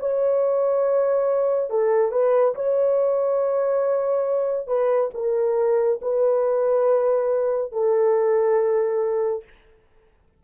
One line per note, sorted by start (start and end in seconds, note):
0.00 1.70 C#5
1.70 2.12 A4
2.12 2.55 B4
2.55 4.68 C#5
4.68 5.10 B4
5.15 6.00 A#4
6.02 7.73 B4
7.73 9.44 A4